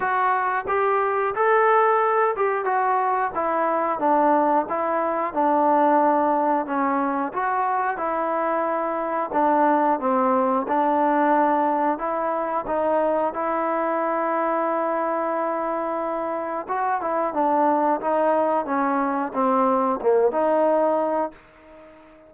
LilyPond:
\new Staff \with { instrumentName = "trombone" } { \time 4/4 \tempo 4 = 90 fis'4 g'4 a'4. g'8 | fis'4 e'4 d'4 e'4 | d'2 cis'4 fis'4 | e'2 d'4 c'4 |
d'2 e'4 dis'4 | e'1~ | e'4 fis'8 e'8 d'4 dis'4 | cis'4 c'4 ais8 dis'4. | }